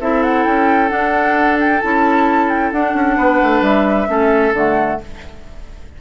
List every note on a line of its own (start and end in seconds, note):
0.00 0.45 C4
0.00 0.89 E4
0.00 3.17 A4
0.00 0.23 E5
0.23 0.44 F#5
0.44 0.90 C#4
0.44 0.89 G5
0.89 1.80 D4
0.89 1.81 D4
0.89 1.57 F#5
1.60 1.80 G5
1.80 2.72 C#4
1.80 2.73 E4
1.80 2.49 A5
2.49 2.71 G5
2.72 2.94 D4
2.72 4.07 D4
2.72 3.63 F#5
2.94 3.16 C#4
3.17 3.40 B3
3.17 4.08 B4
3.43 3.61 A3
3.61 4.07 G3
3.61 4.54 E5
4.07 4.52 A3
4.07 4.52 C#4
4.07 5.01 A4
4.52 4.98 D3
4.52 5.00 A3
4.52 5.01 F#5